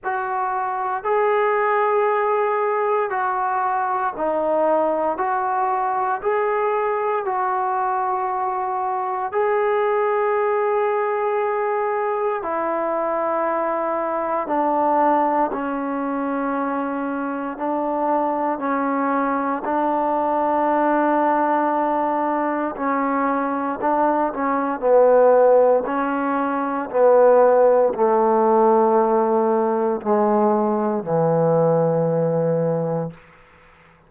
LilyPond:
\new Staff \with { instrumentName = "trombone" } { \time 4/4 \tempo 4 = 58 fis'4 gis'2 fis'4 | dis'4 fis'4 gis'4 fis'4~ | fis'4 gis'2. | e'2 d'4 cis'4~ |
cis'4 d'4 cis'4 d'4~ | d'2 cis'4 d'8 cis'8 | b4 cis'4 b4 a4~ | a4 gis4 e2 | }